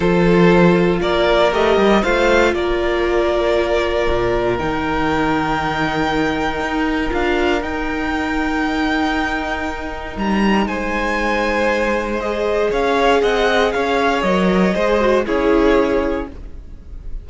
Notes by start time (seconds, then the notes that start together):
0.00 F3 F4 A4 C5
1.01 A#3 A#4 D5
1.51 A3 G4 D#5
1.76 G3
2.02 A3 F4 C5 F5
2.54 A#3 A#4 D5
4.10 A#2
4.57 D#3 D#4 G5
6.60 D#4
7.09 D4 F4 F5
7.61 D#4 G5
10.16 G3 A#5
10.66 G#3 C5 G#5
12.19 G#4 D#5
12.70 C#4 C#5 F5
13.22 C4 D#5 F#5
13.72 C#4 C#5 F5
14.22 F#3 A#4 D#5
14.74 G#3 G#4 C5
15.00 F#4
15.25 C#4 E4 G#4 C#5